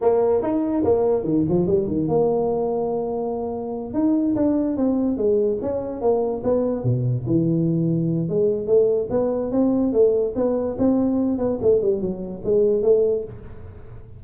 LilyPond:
\new Staff \with { instrumentName = "tuba" } { \time 4/4 \tempo 4 = 145 ais4 dis'4 ais4 dis8 f8 | g8 dis8 ais2.~ | ais4. dis'4 d'4 c'8~ | c'8 gis4 cis'4 ais4 b8~ |
b8 b,4 e2~ e8 | gis4 a4 b4 c'4 | a4 b4 c'4. b8 | a8 g8 fis4 gis4 a4 | }